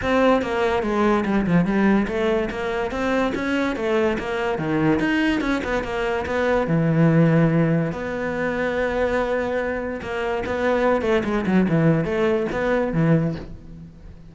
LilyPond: \new Staff \with { instrumentName = "cello" } { \time 4/4 \tempo 4 = 144 c'4 ais4 gis4 g8 f8 | g4 a4 ais4 c'4 | cis'4 a4 ais4 dis4 | dis'4 cis'8 b8 ais4 b4 |
e2. b4~ | b1 | ais4 b4. a8 gis8 fis8 | e4 a4 b4 e4 | }